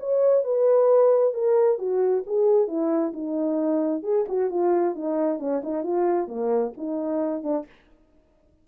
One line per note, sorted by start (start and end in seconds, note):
0.00 0.44 C#5
0.44 1.34 B4
1.34 1.79 A#4
1.79 2.24 F#4
2.27 2.68 G#4
2.68 3.13 E4
3.14 4.03 D#4
4.03 4.26 G#4
4.29 4.50 F#4
4.50 4.95 F4
4.96 5.40 D#4
5.40 5.62 C#4
5.63 5.84 D#4
5.84 6.28 F4
6.28 6.73 A#3
6.78 7.44 D#4
7.44 7.66 D4